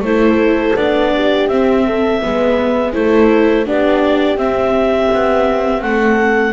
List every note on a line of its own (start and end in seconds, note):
0.00 0.72 A3
0.00 0.77 E4
0.00 1.14 A4
0.00 0.77 C5
0.76 1.48 B3
0.76 1.50 D4
0.76 1.48 D5
1.15 1.86 G4
1.48 2.20 C4
1.48 2.22 C4
1.48 2.92 E5
1.86 2.22 A4
2.22 2.95 G#3
2.22 2.93 B3
2.22 2.94 B4
2.93 3.67 A3
2.93 3.66 E4
2.93 3.67 A4
2.93 3.65 C5
3.66 4.36 B3
3.66 4.38 D4
3.66 5.84 G4
3.66 4.38 D5
4.36 5.09 C4
4.36 6.53 C4
4.36 5.82 E5
5.14 5.82 B3
5.82 6.53 A3
5.82 6.53 A4
5.82 6.53 F#5